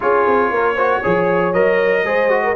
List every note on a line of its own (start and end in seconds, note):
0.00 0.26 C#4
0.00 0.76 F4
0.00 0.52 G#4
0.00 1.53 C#5
0.26 0.50 C4
0.50 1.01 A#3
0.50 0.75 A#4
0.75 1.03 F#4
0.75 1.00 C5
1.02 1.53 F3
1.02 1.54 G#4
1.02 2.04 C#5
1.53 2.04 F#3
1.53 2.05 A#4
1.53 2.55 D#5
2.04 2.55 G#3
2.04 2.29 G#4
2.04 2.43 C5
2.29 2.55 F#4
2.43 2.56 A#4